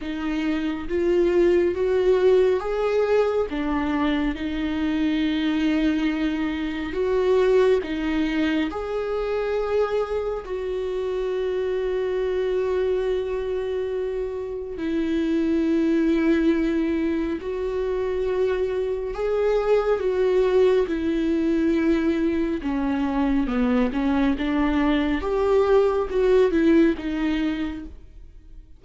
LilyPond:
\new Staff \with { instrumentName = "viola" } { \time 4/4 \tempo 4 = 69 dis'4 f'4 fis'4 gis'4 | d'4 dis'2. | fis'4 dis'4 gis'2 | fis'1~ |
fis'4 e'2. | fis'2 gis'4 fis'4 | e'2 cis'4 b8 cis'8 | d'4 g'4 fis'8 e'8 dis'4 | }